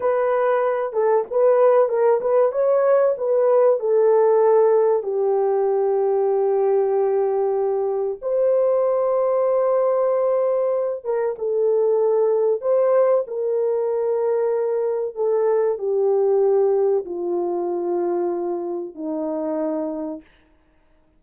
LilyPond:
\new Staff \with { instrumentName = "horn" } { \time 4/4 \tempo 4 = 95 b'4. a'8 b'4 ais'8 b'8 | cis''4 b'4 a'2 | g'1~ | g'4 c''2.~ |
c''4. ais'8 a'2 | c''4 ais'2. | a'4 g'2 f'4~ | f'2 dis'2 | }